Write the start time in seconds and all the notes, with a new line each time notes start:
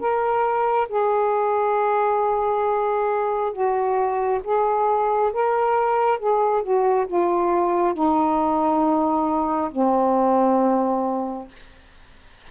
0.00 A#4
0.89 G#4
3.53 F#4
4.44 G#4
5.33 A#4
6.19 G#4
6.63 F#4
7.07 F4
7.95 D#4
9.72 C4